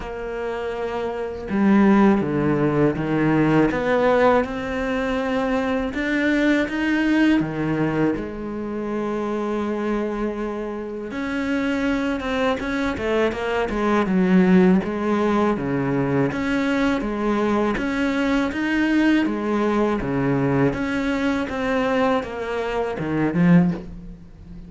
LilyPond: \new Staff \with { instrumentName = "cello" } { \time 4/4 \tempo 4 = 81 ais2 g4 d4 | dis4 b4 c'2 | d'4 dis'4 dis4 gis4~ | gis2. cis'4~ |
cis'8 c'8 cis'8 a8 ais8 gis8 fis4 | gis4 cis4 cis'4 gis4 | cis'4 dis'4 gis4 cis4 | cis'4 c'4 ais4 dis8 f8 | }